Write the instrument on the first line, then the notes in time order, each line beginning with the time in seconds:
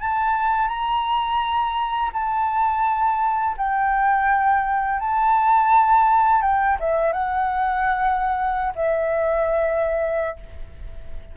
flute
0.00 A5
0.68 A#5
2.13 A5
3.57 G5
5.00 A5
6.42 G5
6.80 E5
7.13 F#5
8.75 E5